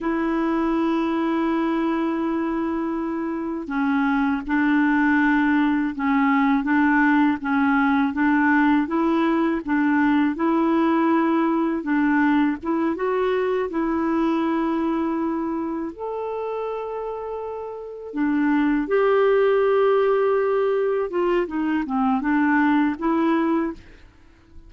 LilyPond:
\new Staff \with { instrumentName = "clarinet" } { \time 4/4 \tempo 4 = 81 e'1~ | e'4 cis'4 d'2 | cis'4 d'4 cis'4 d'4 | e'4 d'4 e'2 |
d'4 e'8 fis'4 e'4.~ | e'4. a'2~ a'8~ | a'8 d'4 g'2~ g'8~ | g'8 f'8 dis'8 c'8 d'4 e'4 | }